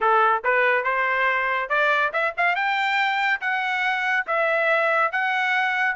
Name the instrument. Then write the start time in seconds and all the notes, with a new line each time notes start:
trumpet
0.00 A4
0.44 B4
0.84 C5
1.69 D5
2.13 E5
2.37 F5
2.55 G5
3.40 F#5
4.26 E5
5.12 F#5